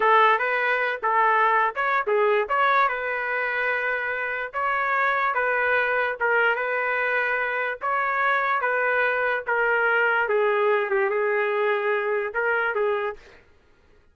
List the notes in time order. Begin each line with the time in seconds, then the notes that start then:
0.00 A4
0.38 B4
1.03 A4
1.75 C#5
2.06 G#4
2.48 C#5
2.88 B4
4.53 C#5
5.34 B4
6.20 A#4
6.55 B4
7.81 C#5
8.61 B4
9.47 A#4
10.28 G#4
10.90 G4
11.10 G#4
12.34 A#4
12.75 G#4